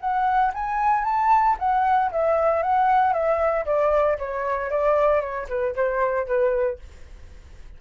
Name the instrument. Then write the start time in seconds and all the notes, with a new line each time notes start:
flute
0.00 F#5
0.54 G#5
1.04 A5
1.59 F#5
2.11 E5
2.63 F#5
3.13 E5
3.66 D5
4.18 C#5
4.70 D5
5.21 C#5
5.49 B4
5.75 C5
6.27 B4